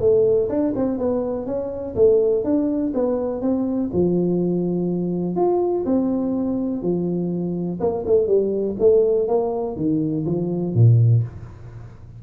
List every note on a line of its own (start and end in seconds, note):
0.00 0.49 A3
0.49 0.74 D4
0.76 0.98 C4
0.98 1.46 B3
1.46 1.95 C#4
1.96 2.44 A3
2.44 2.93 D4
2.94 3.41 B3
3.41 3.90 C4
3.93 5.36 F3
5.36 5.85 F4
5.86 6.82 C4
6.82 7.80 F3
7.80 8.05 A#3
8.06 8.27 A3
8.27 8.76 G3
8.80 9.28 A3
9.28 9.76 A#3
9.76 10.25 D#3
10.26 10.74 F3
10.74 11.23 A#2